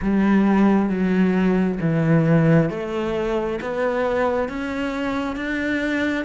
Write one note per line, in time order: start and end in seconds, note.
0.02 0.89 G3
0.89 1.79 F#3
1.80 2.69 E3
2.69 3.59 A3
3.61 4.48 B3
4.48 5.36 C#4
5.36 6.24 D4